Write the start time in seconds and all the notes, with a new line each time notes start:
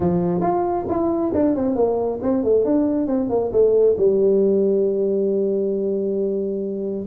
0.00 F3
0.41 F4
0.88 E4
1.34 D4
1.55 C4
1.75 A#3
2.22 C4
2.43 A3
2.64 D4
3.07 C4
3.29 A#3
3.52 A3
3.97 G3